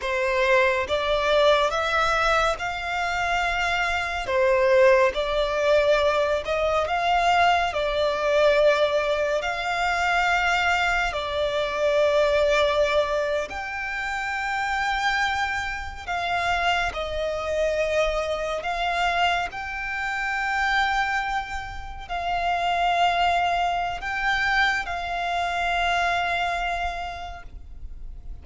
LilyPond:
\new Staff \with { instrumentName = "violin" } { \time 4/4 \tempo 4 = 70 c''4 d''4 e''4 f''4~ | f''4 c''4 d''4. dis''8 | f''4 d''2 f''4~ | f''4 d''2~ d''8. g''16~ |
g''2~ g''8. f''4 dis''16~ | dis''4.~ dis''16 f''4 g''4~ g''16~ | g''4.~ g''16 f''2~ f''16 | g''4 f''2. | }